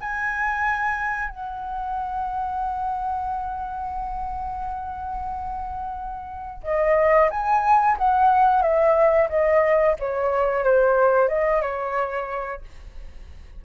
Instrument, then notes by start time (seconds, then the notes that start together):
flute
0.00 G#5
1.28 F#5
6.63 D#5
7.30 G#5
7.97 F#5
8.62 E5
9.29 D#5
9.98 C#5
10.63 C5
11.28 D#5
11.61 C#5